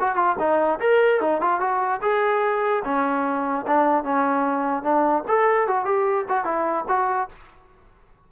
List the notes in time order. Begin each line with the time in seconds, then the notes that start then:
0.00 F#4
0.16 F4
0.39 D#4
0.80 A#4
1.21 D#4
1.41 F4
1.60 F#4
2.02 G#4
2.85 C#4
3.67 D4
4.04 C#4
4.83 D4
5.28 A4
5.68 F#4
5.85 G4
6.29 F#4
6.45 E4
6.88 F#4